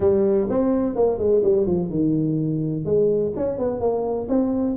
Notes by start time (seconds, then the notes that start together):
0.00 G3
0.49 C4
0.95 A#3
1.18 G#3
1.43 G3
1.66 F3
1.89 D#3
2.85 G#3
3.36 C#4
3.58 B3
3.80 A#3
4.28 C4